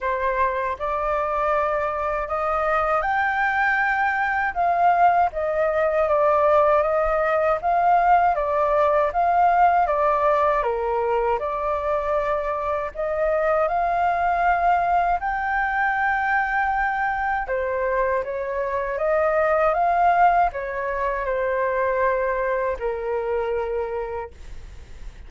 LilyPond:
\new Staff \with { instrumentName = "flute" } { \time 4/4 \tempo 4 = 79 c''4 d''2 dis''4 | g''2 f''4 dis''4 | d''4 dis''4 f''4 d''4 | f''4 d''4 ais'4 d''4~ |
d''4 dis''4 f''2 | g''2. c''4 | cis''4 dis''4 f''4 cis''4 | c''2 ais'2 | }